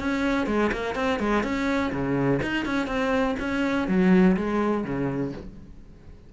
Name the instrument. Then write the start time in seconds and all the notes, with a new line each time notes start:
cello
0.00 C#4
0.47 G#3
0.73 A#3
0.96 C4
1.20 G#3
1.44 C#4
1.92 C#3
2.43 D#4
2.66 C#4
2.87 C4
3.40 C#4
3.88 F#3
4.37 G#3
4.85 C#3